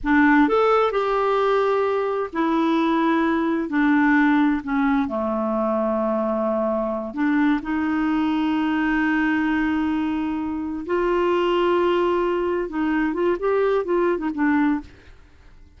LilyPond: \new Staff \with { instrumentName = "clarinet" } { \time 4/4 \tempo 4 = 130 d'4 a'4 g'2~ | g'4 e'2. | d'2 cis'4 a4~ | a2.~ a8 d'8~ |
d'8 dis'2.~ dis'8~ | dis'2.~ dis'8 f'8~ | f'2.~ f'8 dis'8~ | dis'8 f'8 g'4 f'8. dis'16 d'4 | }